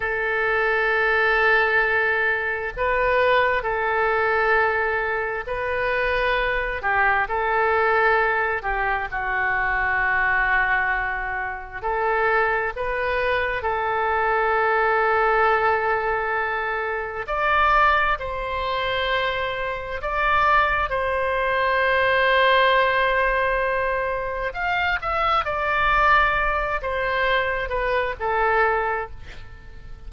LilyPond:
\new Staff \with { instrumentName = "oboe" } { \time 4/4 \tempo 4 = 66 a'2. b'4 | a'2 b'4. g'8 | a'4. g'8 fis'2~ | fis'4 a'4 b'4 a'4~ |
a'2. d''4 | c''2 d''4 c''4~ | c''2. f''8 e''8 | d''4. c''4 b'8 a'4 | }